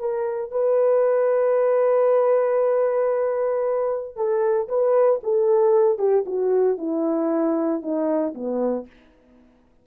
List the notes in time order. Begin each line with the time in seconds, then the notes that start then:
0.00 A#4
0.52 B4
4.16 A4
4.69 B4
5.24 A4
5.99 G4
6.27 F#4
6.78 E4
7.82 D#4
8.35 B3